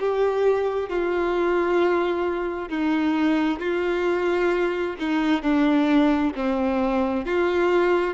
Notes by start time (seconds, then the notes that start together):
0.00 G4
0.90 F4
2.69 D#4
3.60 F4
5.00 D#4
5.43 D4
6.36 C4
7.26 F4